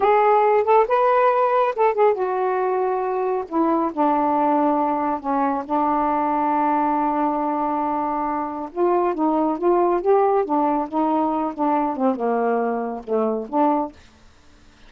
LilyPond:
\new Staff \with { instrumentName = "saxophone" } { \time 4/4 \tempo 4 = 138 gis'4. a'8 b'2 | a'8 gis'8 fis'2. | e'4 d'2. | cis'4 d'2.~ |
d'1 | f'4 dis'4 f'4 g'4 | d'4 dis'4. d'4 c'8 | ais2 a4 d'4 | }